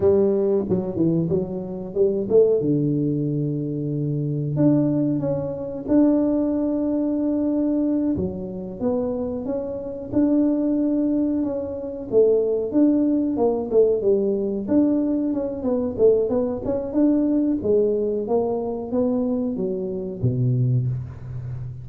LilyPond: \new Staff \with { instrumentName = "tuba" } { \time 4/4 \tempo 4 = 92 g4 fis8 e8 fis4 g8 a8 | d2. d'4 | cis'4 d'2.~ | d'8 fis4 b4 cis'4 d'8~ |
d'4. cis'4 a4 d'8~ | d'8 ais8 a8 g4 d'4 cis'8 | b8 a8 b8 cis'8 d'4 gis4 | ais4 b4 fis4 b,4 | }